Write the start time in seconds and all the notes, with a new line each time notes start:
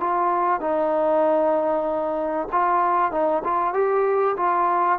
0.00 F4
0.60 D#4
2.52 F4
3.11 D#4
3.44 F4
3.73 G4
4.37 F4